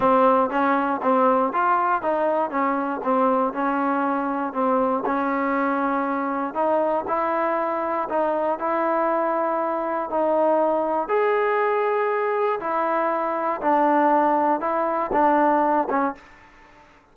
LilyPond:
\new Staff \with { instrumentName = "trombone" } { \time 4/4 \tempo 4 = 119 c'4 cis'4 c'4 f'4 | dis'4 cis'4 c'4 cis'4~ | cis'4 c'4 cis'2~ | cis'4 dis'4 e'2 |
dis'4 e'2. | dis'2 gis'2~ | gis'4 e'2 d'4~ | d'4 e'4 d'4. cis'8 | }